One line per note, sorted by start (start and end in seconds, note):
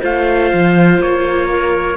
0.00 0.53 A3
0.00 1.97 F4
0.00 1.48 C5
0.00 1.02 F5
0.53 0.99 F3
0.99 1.97 A#3
0.99 1.97 C#5
1.49 1.97 A#4